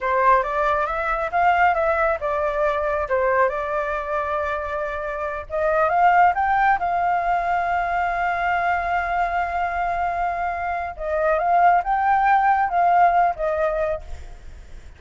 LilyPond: \new Staff \with { instrumentName = "flute" } { \time 4/4 \tempo 4 = 137 c''4 d''4 e''4 f''4 | e''4 d''2 c''4 | d''1~ | d''8 dis''4 f''4 g''4 f''8~ |
f''1~ | f''1~ | f''4 dis''4 f''4 g''4~ | g''4 f''4. dis''4. | }